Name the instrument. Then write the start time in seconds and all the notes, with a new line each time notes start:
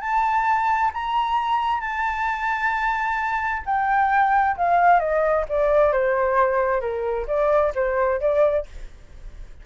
flute
0.00 A5
0.93 A#5
1.80 A5
3.65 G5
4.57 F5
4.99 D#5
5.49 D5
5.92 C5
6.81 A#4
7.27 D5
7.75 C5
8.20 D5